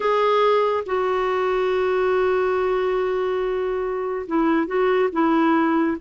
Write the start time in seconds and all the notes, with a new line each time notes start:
0.00 G#4
0.85 F#4
4.27 E4
4.66 F#4
5.12 E4